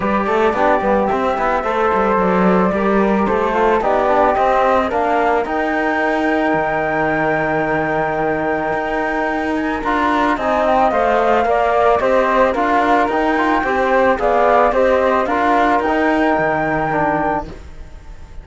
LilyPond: <<
  \new Staff \with { instrumentName = "flute" } { \time 4/4 \tempo 4 = 110 d''2 e''2 | d''2 c''4 d''4 | dis''4 f''4 g''2~ | g''1~ |
g''4. gis''8 ais''4 gis''8 g''8 | f''2 dis''4 f''4 | g''2 f''4 dis''4 | f''4 g''2. | }
  \new Staff \with { instrumentName = "flute" } { \time 4/4 b'8 a'8 g'2 c''4~ | c''4 ais'4 a'4 g'4~ | g'8. gis'16 ais'2.~ | ais'1~ |
ais'2. dis''4~ | dis''4 d''4 c''4 ais'4~ | ais'4 c''4 d''4 c''4 | ais'1 | }
  \new Staff \with { instrumentName = "trombone" } { \time 4/4 g'4 d'8 b8 c'8 e'8 a'4~ | a'4 g'4. f'8 dis'8 d'8 | c'4 d'4 dis'2~ | dis'1~ |
dis'2 f'4 dis'4 | c''4 ais'4 g'4 f'4 | dis'8 f'8 g'4 gis'4 g'4 | f'4 dis'2 d'4 | }
  \new Staff \with { instrumentName = "cello" } { \time 4/4 g8 a8 b8 g8 c'8 b8 a8 g8 | fis4 g4 a4 b4 | c'4 ais4 dis'2 | dis1 |
dis'2 d'4 c'4 | a4 ais4 c'4 d'4 | dis'4 c'4 b4 c'4 | d'4 dis'4 dis2 | }
>>